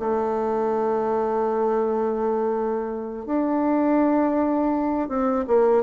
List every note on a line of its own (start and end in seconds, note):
0.00 3.26 A3
3.26 5.09 D4
5.09 5.45 C4
5.48 5.84 A#3